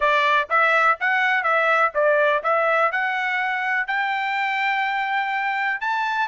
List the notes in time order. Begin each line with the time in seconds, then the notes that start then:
0.00 D5
0.49 E5
1.00 F#5
1.43 E5
1.94 D5
2.43 E5
2.91 F#5
3.87 G5
5.80 A5